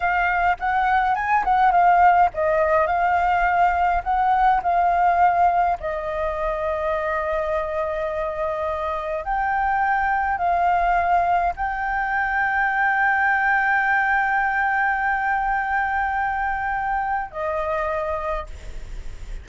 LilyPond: \new Staff \with { instrumentName = "flute" } { \time 4/4 \tempo 4 = 104 f''4 fis''4 gis''8 fis''8 f''4 | dis''4 f''2 fis''4 | f''2 dis''2~ | dis''1 |
g''2 f''2 | g''1~ | g''1~ | g''2 dis''2 | }